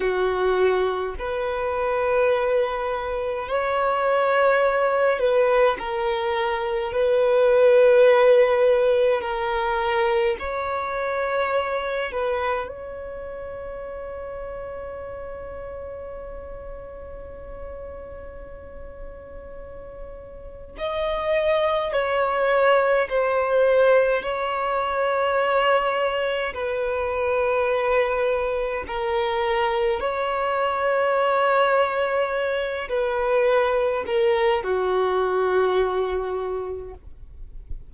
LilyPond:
\new Staff \with { instrumentName = "violin" } { \time 4/4 \tempo 4 = 52 fis'4 b'2 cis''4~ | cis''8 b'8 ais'4 b'2 | ais'4 cis''4. b'8 cis''4~ | cis''1~ |
cis''2 dis''4 cis''4 | c''4 cis''2 b'4~ | b'4 ais'4 cis''2~ | cis''8 b'4 ais'8 fis'2 | }